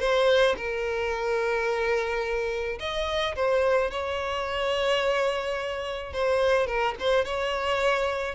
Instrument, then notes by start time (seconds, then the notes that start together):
violin
0.00 C5
0.57 A#4
2.80 D#5
3.36 C5
3.91 C#5
6.13 C5
6.67 A#4
7.00 C5
7.25 C#5